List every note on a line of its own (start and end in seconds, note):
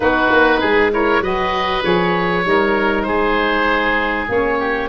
0.00 0.30 B3
0.00 0.91 D#4
0.00 0.60 F#4
0.00 0.91 B4
0.30 0.61 A#3
0.60 1.20 G#3
0.60 0.91 G#4
0.91 1.21 E4
0.91 1.22 A#4
0.91 1.23 C#5
1.20 1.81 F#3
1.20 1.83 F#4
1.20 2.44 B4
1.20 1.84 D#5
1.83 2.45 F3
1.83 2.43 G#4
1.83 3.02 C#5
2.43 3.05 G3
2.43 4.27 D#4
2.43 3.07 A#4
3.02 4.28 G#3
3.02 4.59 G#4
3.02 4.25 C5
4.28 4.89 A#3
4.28 4.89 C#4
4.28 4.89 C#5
4.59 4.89 G4